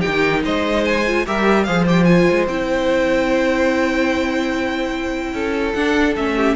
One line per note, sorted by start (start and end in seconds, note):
0.00 1.02 D#4
0.00 0.41 G4
0.00 0.42 G5
0.07 0.45 D#3
0.44 1.26 G#3
0.44 1.26 C5
0.44 0.85 D#5
0.85 1.26 G#5
1.07 1.26 F4
1.26 1.68 G3
1.26 1.67 G4
1.26 1.66 A#4
1.26 1.64 E5
1.64 2.29 F3
1.64 1.87 G#4
1.64 5.33 C5
1.64 1.84 F5
1.87 2.06 G4
1.87 2.04 G5
2.04 2.47 F4
2.04 2.45 G#5
2.31 2.47 G#3
2.47 5.33 C4
2.47 5.76 E4
2.47 5.73 G5
5.33 5.74 C#4
5.33 6.35 A4
5.73 6.16 D4
5.73 6.17 D4
5.73 6.14 F#5
6.16 6.56 A3
6.16 6.56 C#4
6.16 6.56 E5
6.36 6.56 G4